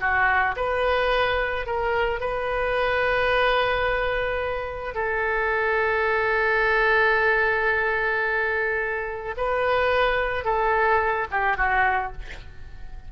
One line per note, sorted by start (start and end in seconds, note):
0.00 0.55 F#4
0.56 1.66 B4
1.66 2.20 A#4
2.20 4.94 B4
4.94 9.35 A4
9.37 10.44 B4
10.44 11.27 A4
11.31 11.57 G4
11.57 12.12 F#4